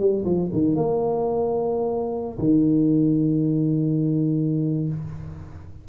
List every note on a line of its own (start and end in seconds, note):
0.00 0.25 G3
0.25 0.50 F3
0.53 0.76 D#3
0.76 2.38 A#3
2.39 4.89 D#3